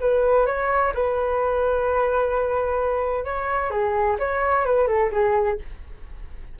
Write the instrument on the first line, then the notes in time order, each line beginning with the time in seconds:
flute
0.00 B4
0.46 C#5
0.94 B4
3.25 C#5
3.70 G#4
4.19 C#5
4.65 B4
4.87 A4
5.11 G#4